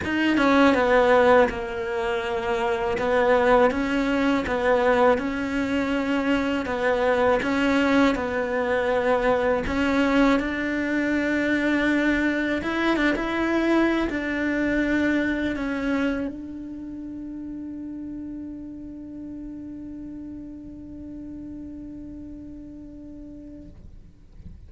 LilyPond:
\new Staff \with { instrumentName = "cello" } { \time 4/4 \tempo 4 = 81 dis'8 cis'8 b4 ais2 | b4 cis'4 b4 cis'4~ | cis'4 b4 cis'4 b4~ | b4 cis'4 d'2~ |
d'4 e'8 d'16 e'4~ e'16 d'4~ | d'4 cis'4 d'2~ | d'1~ | d'1 | }